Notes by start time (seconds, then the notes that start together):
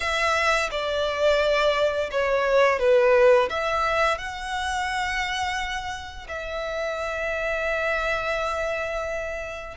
0.00 E5
0.70 D5
2.11 C#5
2.79 B4
3.49 E5
4.18 F#5
6.28 E5